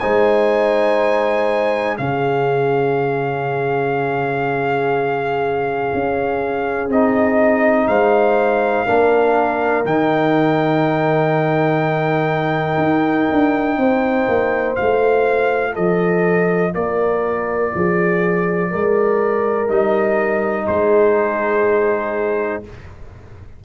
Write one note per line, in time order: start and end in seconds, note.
0.00 1.99 G#3
0.00 1.98 D#4
0.00 1.98 C5
0.00 1.97 G#5
1.98 5.93 C#3
1.98 6.90 C#4
1.98 7.89 G#4
1.98 6.90 F5
5.94 6.89 C#4
6.89 7.87 C4
6.89 8.87 D#4
6.89 7.88 D#5
7.88 8.86 G#3
7.88 8.86 C5
7.88 9.85 F5
8.86 9.86 A#3
8.86 9.85 D4
8.86 13.78 A#4
9.86 12.78 D#3
9.86 14.77 D#4
9.86 14.76 G5
12.78 13.27 D#4
13.32 13.77 D4
13.77 14.27 C4
13.77 15.73 C5
14.28 14.77 A#3
14.76 15.77 A3
14.76 19.68 F4
14.76 15.74 F5
15.73 16.75 F3
15.73 16.71 A4
15.73 16.74 D#5
16.75 17.74 A#3
16.75 17.73 A#4
16.75 19.70 D5
17.75 18.73 F3
17.75 18.71 G#4
18.71 19.69 G#3
18.71 20.67 A#4
19.68 20.67 G3
19.68 22.64 D#4
19.68 20.67 D#5
20.67 22.65 G#3
20.67 22.64 G#4
20.67 22.64 C5